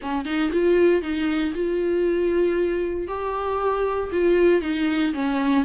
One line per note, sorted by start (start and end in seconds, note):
0.02 0.25 C#4
0.25 0.51 D#4
0.52 1.02 F4
1.02 1.53 D#4
1.54 3.07 F4
3.07 4.10 G4
4.12 4.61 F4
4.61 5.13 D#4
5.13 5.65 C#4